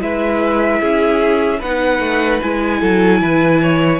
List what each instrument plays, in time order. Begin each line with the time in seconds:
0.00 cello G#3, viola E4, violin B4 E5
0.81 cello C#4, violin G#4
1.59 cello B3, viola D#4, violin B4 F#5
2.00 cello A3
2.42 cello G#3, viola E4, violin G#5
2.81 cello F#3, violin A4
3.21 cello E3, violin B4
3.62 violin C#5